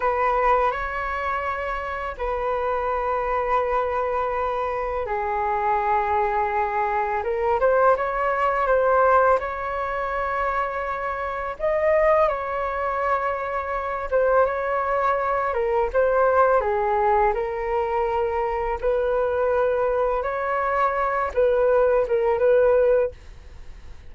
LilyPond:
\new Staff \with { instrumentName = "flute" } { \time 4/4 \tempo 4 = 83 b'4 cis''2 b'4~ | b'2. gis'4~ | gis'2 ais'8 c''8 cis''4 | c''4 cis''2. |
dis''4 cis''2~ cis''8 c''8 | cis''4. ais'8 c''4 gis'4 | ais'2 b'2 | cis''4. b'4 ais'8 b'4 | }